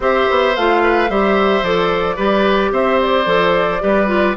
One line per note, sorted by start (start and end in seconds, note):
0.00 0.26 C4
0.00 0.55 G4
0.00 0.82 C5
0.00 0.56 E5
0.30 0.56 B3
0.56 1.09 A3
0.56 1.09 F4
0.56 1.09 F5
0.82 1.10 B4
1.09 1.62 G3
1.09 1.63 G4
1.09 2.16 C5
1.09 1.64 E5
1.62 2.17 F3
1.62 2.16 A4
1.62 2.73 D5
2.16 2.71 G3
2.16 3.25 G4
2.16 2.70 B4
2.71 3.26 C4
2.71 3.81 C5
2.71 3.00 E5
3.01 4.36 D5
3.25 3.80 F3
3.25 3.79 A4
3.79 4.36 G3
3.79 4.07 G4
3.79 4.36 B4
4.07 4.34 F4